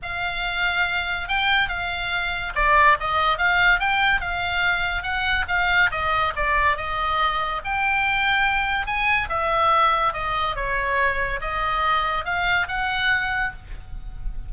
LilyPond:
\new Staff \with { instrumentName = "oboe" } { \time 4/4 \tempo 4 = 142 f''2. g''4 | f''2 d''4 dis''4 | f''4 g''4 f''2 | fis''4 f''4 dis''4 d''4 |
dis''2 g''2~ | g''4 gis''4 e''2 | dis''4 cis''2 dis''4~ | dis''4 f''4 fis''2 | }